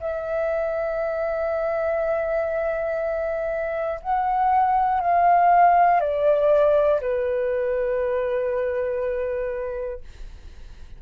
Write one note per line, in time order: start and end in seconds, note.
0.00 4.00 E5
4.02 5.00 F#5
5.00 6.00 F5
6.00 7.00 D5
7.01 10.01 B4